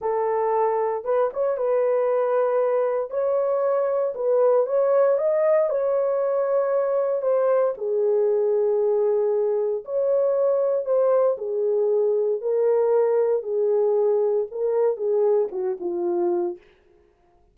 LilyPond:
\new Staff \with { instrumentName = "horn" } { \time 4/4 \tempo 4 = 116 a'2 b'8 cis''8 b'4~ | b'2 cis''2 | b'4 cis''4 dis''4 cis''4~ | cis''2 c''4 gis'4~ |
gis'2. cis''4~ | cis''4 c''4 gis'2 | ais'2 gis'2 | ais'4 gis'4 fis'8 f'4. | }